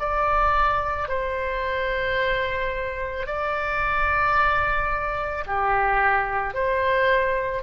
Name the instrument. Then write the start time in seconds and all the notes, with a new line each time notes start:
oboe
0.00 D5
1.09 C5
3.26 D5
5.46 G4
6.54 C5